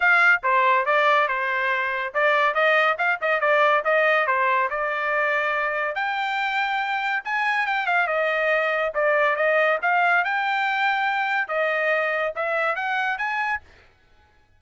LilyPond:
\new Staff \with { instrumentName = "trumpet" } { \time 4/4 \tempo 4 = 141 f''4 c''4 d''4 c''4~ | c''4 d''4 dis''4 f''8 dis''8 | d''4 dis''4 c''4 d''4~ | d''2 g''2~ |
g''4 gis''4 g''8 f''8 dis''4~ | dis''4 d''4 dis''4 f''4 | g''2. dis''4~ | dis''4 e''4 fis''4 gis''4 | }